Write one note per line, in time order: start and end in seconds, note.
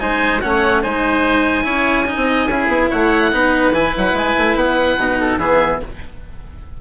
0.00 0.42 G#3
0.00 0.42 D#4
0.00 0.43 C5
0.00 0.41 G#5
0.41 0.85 A3
0.41 0.83 C#4
0.41 0.83 C#5
0.41 0.83 F#5
0.83 1.65 G#3
0.83 1.64 D#4
0.83 1.65 C5
0.83 2.90 G#5
1.64 2.16 C#4
1.64 2.05 E4
1.64 2.06 C#5
2.06 2.48 D#4
2.06 2.50 D#5
2.16 2.47 C4
2.48 2.68 C#4
2.48 3.32 E4
2.48 2.90 G#4
2.68 2.88 B3
2.90 3.33 A3
2.90 3.31 C#5
2.90 3.74 F#5
3.32 3.72 B3
3.32 3.74 D#4
3.32 5.19 B4
3.72 3.92 E3
3.72 4.98 E4
3.72 3.94 G#5
3.97 4.13 F#3
3.97 4.18 F#5
4.13 4.34 G#3
4.13 4.57 G#5
4.38 4.55 A3
4.55 4.97 B3
4.55 5.39 F#5
4.98 5.38 B2
4.98 5.40 D#4
5.20 5.39 A4
5.38 5.79 E3
5.38 5.81 B3
5.38 5.81 G#4
5.38 5.80 E5